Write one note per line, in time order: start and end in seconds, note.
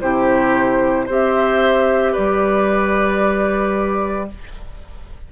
0.00 1.08 C3
0.00 1.08 E4
0.00 1.05 G4
0.00 1.07 C5
1.05 2.15 C4
1.05 4.30 G4
1.05 2.12 C5
1.12 2.14 E5
2.12 4.31 G3
2.12 4.26 B4
2.12 4.28 D5